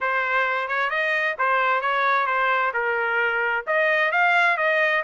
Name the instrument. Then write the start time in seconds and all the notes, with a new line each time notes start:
trumpet
0.00 C5
0.67 C#5
0.90 D#5
1.38 C5
1.81 C#5
2.26 C5
2.73 A#4
3.66 D#5
4.11 F5
4.57 D#5